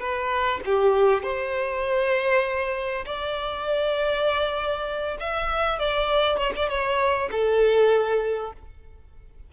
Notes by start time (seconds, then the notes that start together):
0.00 B4
0.66 G4
1.23 C5
3.06 D5
5.20 E5
5.79 D5
6.37 C#5
6.56 D5
6.69 C#5
7.31 A4